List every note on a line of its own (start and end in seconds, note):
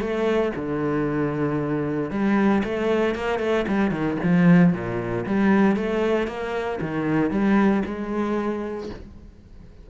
0.00 0.52 A3
0.56 2.11 D3
2.11 2.63 G3
2.64 3.15 A3
3.15 3.39 A#3
3.39 3.65 A3
3.68 3.91 G3
3.91 4.17 D#3
4.23 4.73 F3
4.73 5.25 A#2
5.26 5.76 G3
5.76 6.27 A3
6.27 6.79 A#3
6.81 7.31 D#3
7.31 7.83 G3
7.85 8.90 G#3